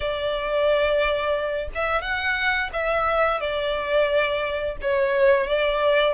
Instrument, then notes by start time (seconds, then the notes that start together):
violin
0.00 D5
1.74 E5
2.01 F#5
2.72 E5
3.40 D5
4.81 C#5
5.47 D5